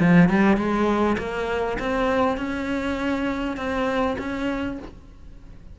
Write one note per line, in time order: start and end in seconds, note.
0.00 0.29 F3
0.29 0.57 G3
0.57 1.17 G#3
1.18 1.78 A#3
1.79 2.38 C4
2.38 3.57 C#4
3.57 4.17 C4
4.19 4.79 C#4